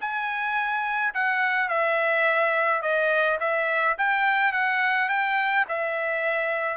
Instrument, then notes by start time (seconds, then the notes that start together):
trumpet
0.00 G#5
1.13 F#5
1.68 E5
2.81 D#5
3.40 E5
3.98 G5
4.52 F#5
5.09 G5
5.68 E5